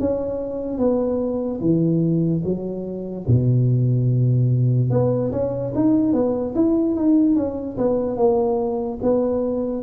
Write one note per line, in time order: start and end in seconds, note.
0.00 0.78 C#4
0.78 1.60 B3
1.61 2.43 E3
2.44 3.27 F#3
3.27 4.91 B2
4.91 5.32 B3
5.32 5.73 C#4
5.76 6.13 D#4
6.13 6.55 B3
6.56 6.96 E4
6.96 7.36 D#4
7.36 7.77 C#4
7.78 8.17 B3
8.17 8.99 A#3
9.03 9.83 B3